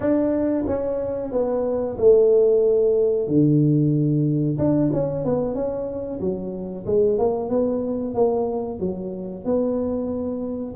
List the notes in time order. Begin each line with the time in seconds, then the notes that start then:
0.00 D4
0.66 C#4
1.32 B3
1.98 A3
3.27 D3
4.58 D4
4.92 C#4
5.24 B3
5.54 C#4
6.20 F#3
6.85 G#3
7.18 A#3
7.49 B3
8.14 A#3
8.79 F#3
9.44 B3